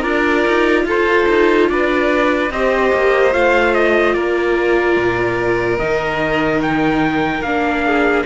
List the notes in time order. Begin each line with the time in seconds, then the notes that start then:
0.00 D4 F4 A#4 D5
0.48 D#4
0.86 F4 A4 C5
1.29 D#4
1.70 D4 B4 D5
2.51 C4 G4 C5 D#5
2.94 A#3
3.33 A3 F4 F5
3.74 D#5
4.14 A#3 A#4 D5
4.97 A#2
5.79 D#3 D#4 D#5
6.63 G5
7.42 A#3 D4 F5
7.86 G#4